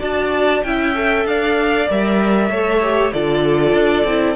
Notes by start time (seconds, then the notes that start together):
0.00 D4 F#4 D5 A5
0.64 C#4 E4 E5 G5
0.95 A4
1.26 D4 D5 F5
1.89 G3 A#4 E5
2.49 A3 A4 C#5
2.82 G4
3.13 D3 F4 A4 D5
3.74 D4
4.04 C4 E4